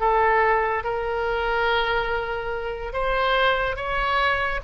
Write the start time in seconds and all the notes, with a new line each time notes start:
0.00 A4
0.84 A#4
2.93 C5
3.76 C#5